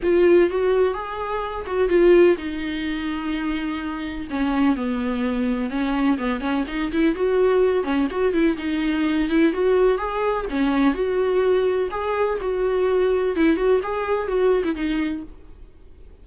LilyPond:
\new Staff \with { instrumentName = "viola" } { \time 4/4 \tempo 4 = 126 f'4 fis'4 gis'4. fis'8 | f'4 dis'2.~ | dis'4 cis'4 b2 | cis'4 b8 cis'8 dis'8 e'8 fis'4~ |
fis'8 cis'8 fis'8 e'8 dis'4. e'8 | fis'4 gis'4 cis'4 fis'4~ | fis'4 gis'4 fis'2 | e'8 fis'8 gis'4 fis'8. e'16 dis'4 | }